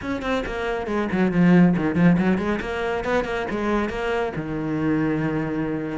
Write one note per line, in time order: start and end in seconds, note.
0.01 0.22 C#4
0.22 0.43 C4
0.46 0.86 A#3
0.86 1.08 G#3
1.12 1.31 F#3
1.31 1.75 F3
1.76 1.95 D#3
1.95 2.17 F3
2.17 2.38 F#3
2.38 2.59 G#3
2.60 3.04 A#3
3.04 3.24 B3
3.24 3.46 A#3
3.50 3.89 G#3
3.89 4.32 A#3
4.36 5.98 D#3